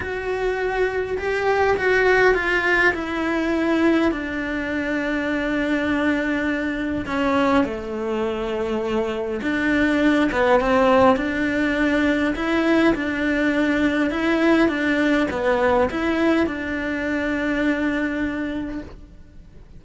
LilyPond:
\new Staff \with { instrumentName = "cello" } { \time 4/4 \tempo 4 = 102 fis'2 g'4 fis'4 | f'4 e'2 d'4~ | d'1 | cis'4 a2. |
d'4. b8 c'4 d'4~ | d'4 e'4 d'2 | e'4 d'4 b4 e'4 | d'1 | }